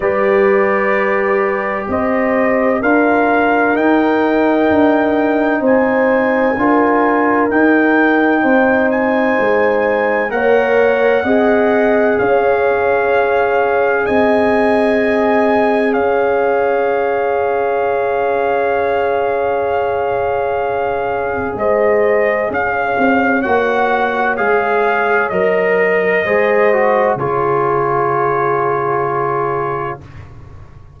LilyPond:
<<
  \new Staff \with { instrumentName = "trumpet" } { \time 4/4 \tempo 4 = 64 d''2 dis''4 f''4 | g''2 gis''2 | g''4. gis''4. fis''4~ | fis''4 f''2 gis''4~ |
gis''4 f''2.~ | f''2. dis''4 | f''4 fis''4 f''4 dis''4~ | dis''4 cis''2. | }
  \new Staff \with { instrumentName = "horn" } { \time 4/4 b'2 c''4 ais'4~ | ais'2 c''4 ais'4~ | ais'4 c''2 cis''4 | dis''4 cis''2 dis''4~ |
dis''4 cis''2.~ | cis''2. c''4 | cis''1 | c''4 gis'2. | }
  \new Staff \with { instrumentName = "trombone" } { \time 4/4 g'2. f'4 | dis'2. f'4 | dis'2. ais'4 | gis'1~ |
gis'1~ | gis'1~ | gis'4 fis'4 gis'4 ais'4 | gis'8 fis'8 f'2. | }
  \new Staff \with { instrumentName = "tuba" } { \time 4/4 g2 c'4 d'4 | dis'4 d'4 c'4 d'4 | dis'4 c'4 gis4 ais4 | c'4 cis'2 c'4~ |
c'4 cis'2.~ | cis'2. gis4 | cis'8 c'8 ais4 gis4 fis4 | gis4 cis2. | }
>>